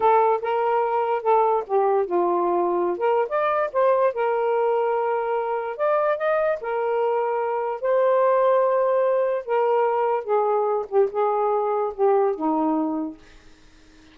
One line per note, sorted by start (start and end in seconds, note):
0.00 0.40 A4
0.41 1.22 A#4
1.22 1.63 A4
1.66 2.05 G4
2.05 2.97 F4
2.97 3.28 A#4
3.29 3.70 D5
3.72 4.13 C5
4.13 5.76 A#4
5.76 6.17 D5
6.17 6.58 D#5
6.61 7.81 A#4
7.81 9.45 C5
9.45 10.24 A#4
10.24 10.85 G#4
10.88 11.09 G4
11.11 11.93 G#4
11.94 12.35 G4
12.35 13.17 D#4